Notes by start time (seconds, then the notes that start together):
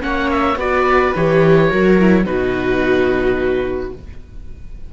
0.00 A#3 C#4 C#5 F#5
0.31 E5
0.56 B3 F#4 B4 D5
1.16 E3 G4 C#5
1.69 F#3 F#4 A#4
1.99 E4
2.25 B2 D#4 F#4 B4